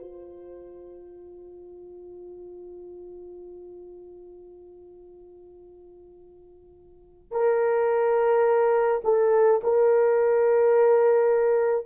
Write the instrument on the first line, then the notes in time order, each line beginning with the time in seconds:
horn
0.00 F4
7.32 A#4
9.05 A4
9.64 A#4